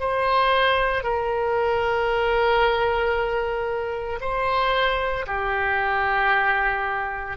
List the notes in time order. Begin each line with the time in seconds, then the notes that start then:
0.00 C5
1.03 A#4
4.21 C5
5.27 G4